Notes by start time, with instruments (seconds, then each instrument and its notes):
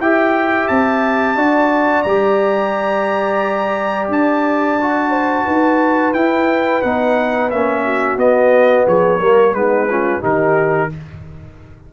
0.00 tuba E4, trombone G4, horn E5, trumpet G5
0.68 tuba C4, trumpet A5
1.36 tuba D4, trombone F#4, horn D5
2.03 tuba G3, trombone G4, trumpet A#5
4.09 tuba D4, trumpet A5
4.81 trombone F#4
5.11 horn C5
5.45 tuba D#4, horn B4
6.14 tuba E4, trombone E4, trumpet G5
6.82 tuba B3, trombone D#4, trumpet F#5
7.50 tuba A#3, trombone C#4, trumpet E5
7.85 horn F#4
8.17 tuba B3, trombone B3, trumpet D#5
8.87 tuba F3, horn G#4, trumpet C#5
9.19 tuba G3, trombone A#3, horn A#4
9.53 tuba G#3, trombone B3, horn D#4, trumpet B4
9.90 trombone C#4, horn F4
10.22 tuba D#3, trombone D#4, horn G4, trumpet A#4